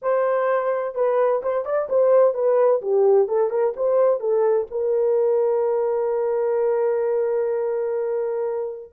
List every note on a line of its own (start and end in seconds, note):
0.02 0.94 C5
0.94 1.41 B4
1.42 1.65 C5
1.65 1.88 D5
1.89 2.34 C5
2.34 2.81 B4
2.81 3.27 G4
3.27 3.50 A4
3.50 3.73 A#4
3.76 4.20 C5
4.20 4.66 A4
4.70 8.92 A#4